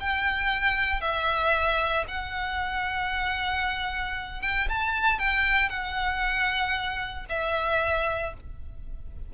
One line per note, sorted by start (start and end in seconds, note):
0.00 1.01 G5
1.01 2.05 E5
2.08 4.42 F#5
4.42 4.68 G5
4.69 5.19 A5
5.19 5.69 G5
5.69 7.25 F#5
7.29 8.33 E5